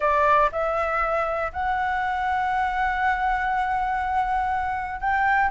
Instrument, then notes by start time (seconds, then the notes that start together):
flute
0.00 D5
0.51 E5
1.52 F#5
5.00 G5